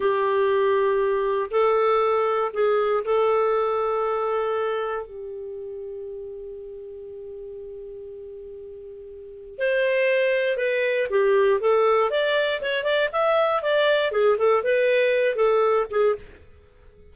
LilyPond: \new Staff \with { instrumentName = "clarinet" } { \time 4/4 \tempo 4 = 119 g'2. a'4~ | a'4 gis'4 a'2~ | a'2 g'2~ | g'1~ |
g'2. c''4~ | c''4 b'4 g'4 a'4 | d''4 cis''8 d''8 e''4 d''4 | gis'8 a'8 b'4. a'4 gis'8 | }